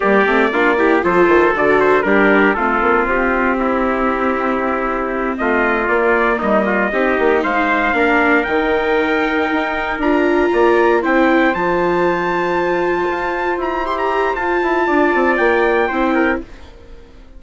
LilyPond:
<<
  \new Staff \with { instrumentName = "trumpet" } { \time 4/4 \tempo 4 = 117 d''2 c''4 d''8 c''8 | ais'4 a'4 g'2~ | g'2~ g'8 dis''4 d''8~ | d''8 dis''2 f''4.~ |
f''8 g''2. ais''8~ | ais''4. g''4 a''4.~ | a''2~ a''8 ais''8 c'''16 ais''8. | a''2 g''2 | }
  \new Staff \with { instrumentName = "trumpet" } { \time 4/4 g'4 f'8 g'8 a'2 | g'4 f'2 e'4~ | e'2~ e'8 f'4.~ | f'8 dis'8 f'8 g'4 c''4 ais'8~ |
ais'1~ | ais'8 d''4 c''2~ c''8~ | c''1~ | c''4 d''2 c''8 ais'8 | }
  \new Staff \with { instrumentName = "viola" } { \time 4/4 ais8 c'8 d'8 e'8 f'4 fis'4 | d'4 c'2.~ | c'2.~ c'8 ais8~ | ais4. dis'2 d'8~ |
d'8 dis'2. f'8~ | f'4. e'4 f'4.~ | f'2. g'4 | f'2. e'4 | }
  \new Staff \with { instrumentName = "bassoon" } { \time 4/4 g8 a8 ais4 f8 dis8 d4 | g4 a8 ais8 c'2~ | c'2~ c'8 a4 ais8~ | ais8 g4 c'8 ais8 gis4 ais8~ |
ais8 dis2 dis'4 d'8~ | d'8 ais4 c'4 f4.~ | f4. f'4 e'4. | f'8 e'8 d'8 c'8 ais4 c'4 | }
>>